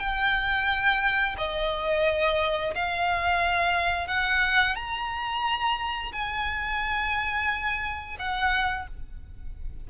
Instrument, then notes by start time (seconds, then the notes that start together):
violin
0.00 G5
1.38 D#5
2.76 F5
4.08 F#5
4.76 A#5
6.13 G#5
8.19 F#5